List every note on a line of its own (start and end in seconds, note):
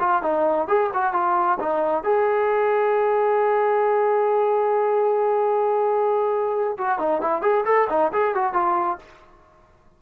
0.00 0.23 F4
0.23 0.68 D#4
0.68 0.90 G#4
0.94 1.13 F#4
1.13 1.59 F4
1.60 2.04 D#4
2.04 6.77 G#4
6.78 6.99 F#4
6.99 7.21 D#4
7.21 7.42 E4
7.42 7.65 G#4
7.65 7.88 A4
7.90 8.12 D#4
8.13 8.35 G#4
8.35 8.53 F#4
8.53 8.99 F4